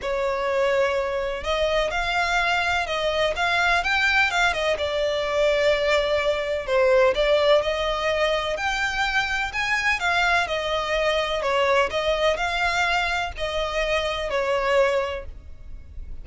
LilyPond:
\new Staff \with { instrumentName = "violin" } { \time 4/4 \tempo 4 = 126 cis''2. dis''4 | f''2 dis''4 f''4 | g''4 f''8 dis''8 d''2~ | d''2 c''4 d''4 |
dis''2 g''2 | gis''4 f''4 dis''2 | cis''4 dis''4 f''2 | dis''2 cis''2 | }